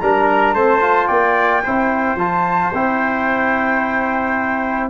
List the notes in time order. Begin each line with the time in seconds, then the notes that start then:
0.00 G3 D4 A#4 A#5
0.54 A3 C4 C5 A5
0.80 F4
1.07 A#3 D5 G5
1.63 C4 E4 C5
2.15 F3 F4 A5
2.73 C4 E4 G5